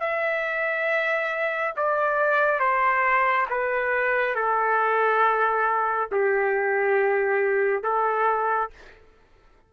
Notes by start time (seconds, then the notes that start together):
0.00 E5
1.76 D5
2.59 C5
3.49 B4
4.35 A4
6.11 G4
7.83 A4